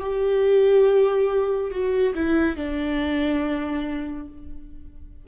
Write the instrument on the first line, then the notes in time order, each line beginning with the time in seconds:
viola
0.00 G4
1.71 F#4
2.15 E4
2.56 D4